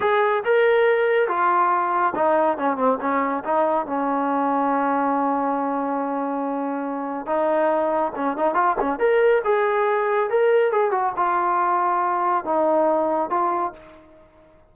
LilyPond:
\new Staff \with { instrumentName = "trombone" } { \time 4/4 \tempo 4 = 140 gis'4 ais'2 f'4~ | f'4 dis'4 cis'8 c'8 cis'4 | dis'4 cis'2.~ | cis'1~ |
cis'4 dis'2 cis'8 dis'8 | f'8 cis'8 ais'4 gis'2 | ais'4 gis'8 fis'8 f'2~ | f'4 dis'2 f'4 | }